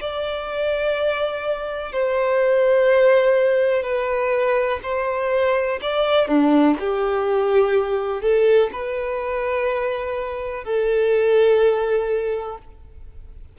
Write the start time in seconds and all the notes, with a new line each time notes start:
0.00 D5
1.92 C5
3.83 B4
4.83 C5
5.81 D5
6.27 D4
6.79 G4
8.21 A4
8.72 B4
10.64 A4